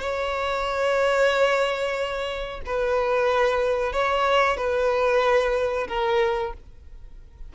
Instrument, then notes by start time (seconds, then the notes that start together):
violin
0.00 C#5
2.66 B4
3.92 C#5
4.57 B4
5.88 A#4